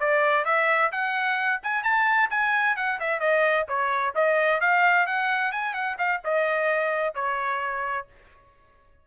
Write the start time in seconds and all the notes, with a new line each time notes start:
0.00 D5
0.45 E5
0.92 F#5
1.63 G#5
1.84 A5
2.31 G#5
2.77 F#5
3.00 E5
3.20 D#5
3.68 C#5
4.15 D#5
4.61 F5
5.07 F#5
5.52 G#5
5.74 F#5
5.98 F5
6.24 D#5
7.15 C#5